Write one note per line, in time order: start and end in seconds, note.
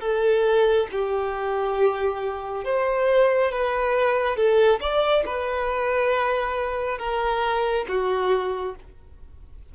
0.00 0.87 A4
0.91 2.64 G4
2.64 3.51 C5
3.51 4.36 B4
4.36 4.79 A4
4.80 5.23 D5
5.26 6.98 B4
6.98 7.85 A#4
7.88 8.75 F#4